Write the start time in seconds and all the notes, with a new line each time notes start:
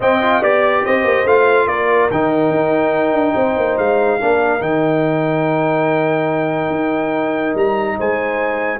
0.00 C4 D#5 G5
0.21 F4
0.41 B3 G4 D5
0.84 C4 C5 D#5
1.03 A#3
1.25 A3 F4 F5
1.66 A#3 A#4 D5
2.10 D#3 D#4 G5
2.49 D#4
3.12 D4
3.35 C4 C5
3.56 A#3
3.78 G#3 F5
4.20 A#3 D4 A#4
4.59 D#3 D#4 G5
6.70 D#4
7.55 G3 A#5
7.97 G#3 C5 G#5